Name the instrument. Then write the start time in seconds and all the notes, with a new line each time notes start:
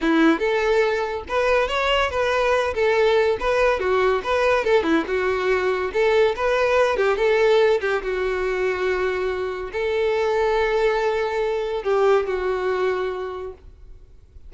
violin
0.01 E4
0.39 A4
1.28 B4
1.68 C#5
2.10 B4
2.74 A4
3.39 B4
3.79 F#4
4.23 B4
4.64 A4
4.83 E4
5.07 F#4
5.93 A4
6.36 B4
6.96 G4
7.17 A4
7.80 G4
8.02 F#4
9.72 A4
11.83 G4
12.26 F#4